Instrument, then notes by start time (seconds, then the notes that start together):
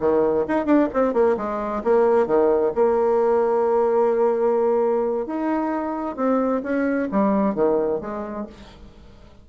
bassoon
0.00 D#3
0.48 D#4
0.65 D4
0.93 C4
1.13 A#3
1.37 G#3
1.84 A#3
2.27 D#3
2.75 A#3
5.26 D#4
6.16 C4
6.63 C#4
7.11 G3
7.55 D#3
8.01 G#3